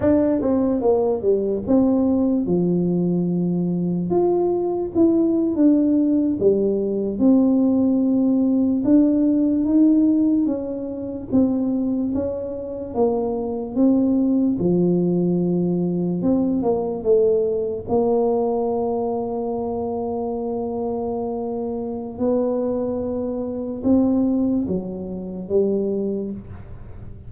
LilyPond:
\new Staff \with { instrumentName = "tuba" } { \time 4/4 \tempo 4 = 73 d'8 c'8 ais8 g8 c'4 f4~ | f4 f'4 e'8. d'4 g16~ | g8. c'2 d'4 dis'16~ | dis'8. cis'4 c'4 cis'4 ais16~ |
ais8. c'4 f2 c'16~ | c'16 ais8 a4 ais2~ ais16~ | ais2. b4~ | b4 c'4 fis4 g4 | }